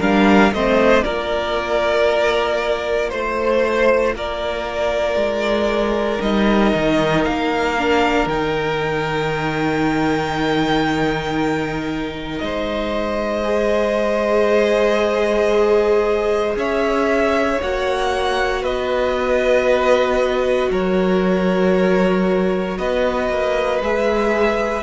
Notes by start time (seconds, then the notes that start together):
0.00 G3 D4 A#4 F5
0.52 A3 C4 C5 D#5
1.03 A#3 F4 A#4 D5
3.10 A3 C5
4.15 A#3 A#4 D5
5.16 G#3
6.21 G3 D#4 D#5
6.75 D#3
7.24 A#3 F5
7.78 D4
8.26 D#3 D#4 G5
12.39 G#3 C5 D#5
13.44 G#4
16.56 C#4 C#5 E5
17.61 A#3 F#4 F#5
18.62 B3 B4 D#5
20.71 F#3 A#4 C#5
22.78 B3 B4 D#5
23.29 A#3
23.82 G#3 G#4 E5